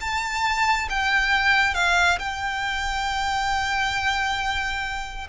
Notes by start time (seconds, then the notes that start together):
0.00 A5
0.89 G5
1.74 F5
2.19 G5